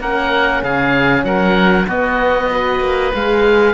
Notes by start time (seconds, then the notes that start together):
0.00 A#3 C#4 A#4 F#5
0.63 C#3 G#4 F5
1.24 F#3 A#4 F#5
1.87 B3 F#4 D#5
2.51 F#4 B4
2.80 A#3
3.14 G#3 G#4 F5